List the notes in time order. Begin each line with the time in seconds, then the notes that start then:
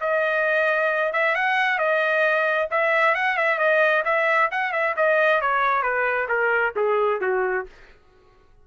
0.00 D#5
1.13 E5
1.35 F#5
1.78 D#5
2.70 E5
3.15 F#5
3.37 E5
3.58 D#5
4.05 E5
4.51 F#5
4.72 E5
4.96 D#5
5.41 C#5
5.82 B4
6.28 A#4
6.76 G#4
7.21 F#4